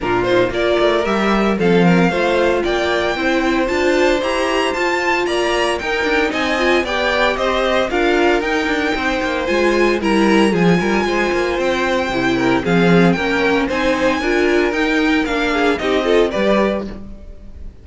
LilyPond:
<<
  \new Staff \with { instrumentName = "violin" } { \time 4/4 \tempo 4 = 114 ais'8 c''8 d''4 e''4 f''4~ | f''4 g''2 a''4 | ais''4 a''4 ais''4 g''4 | gis''4 g''4 dis''4 f''4 |
g''2 gis''4 ais''4 | gis''2 g''2 | f''4 g''4 gis''2 | g''4 f''4 dis''4 d''4 | }
  \new Staff \with { instrumentName = "violin" } { \time 4/4 f'4 ais'2 a'8 ais'8 | c''4 d''4 c''2~ | c''2 d''4 ais'4 | dis''4 d''4 c''4 ais'4~ |
ais'4 c''2 ais'4 | gis'8 ais'8 c''2~ c''8 ais'8 | gis'4 ais'4 c''4 ais'4~ | ais'4. gis'8 g'8 a'8 b'4 | }
  \new Staff \with { instrumentName = "viola" } { \time 4/4 d'8 dis'8 f'4 g'4 c'4 | f'2 e'4 f'4 | g'4 f'2 dis'4~ | dis'8 f'8 g'2 f'4 |
dis'2 f'4 e'4 | f'2. e'4 | c'4 cis'4 dis'4 f'4 | dis'4 d'4 dis'8 f'8 g'4 | }
  \new Staff \with { instrumentName = "cello" } { \time 4/4 ais,4 ais8 a8 g4 f4 | a4 ais4 c'4 d'4 | e'4 f'4 ais4 dis'8 d'8 | c'4 b4 c'4 d'4 |
dis'8 d'8 c'8 ais8 gis4 g4 | f8 g8 gis8 ais8 c'4 c4 | f4 ais4 c'4 d'4 | dis'4 ais4 c'4 g4 | }
>>